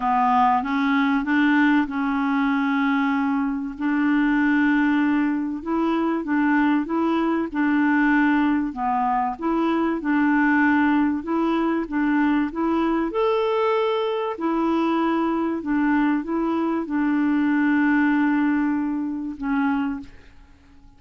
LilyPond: \new Staff \with { instrumentName = "clarinet" } { \time 4/4 \tempo 4 = 96 b4 cis'4 d'4 cis'4~ | cis'2 d'2~ | d'4 e'4 d'4 e'4 | d'2 b4 e'4 |
d'2 e'4 d'4 | e'4 a'2 e'4~ | e'4 d'4 e'4 d'4~ | d'2. cis'4 | }